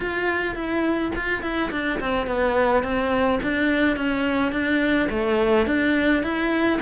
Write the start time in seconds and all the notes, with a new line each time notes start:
0.00 F4
0.55 E4
1.15 F4
1.42 E4
1.71 D4
2.00 C4
2.26 B3
2.83 C4
3.42 D4
3.96 C#4
4.52 D4
5.09 A3
5.66 D4
6.23 E4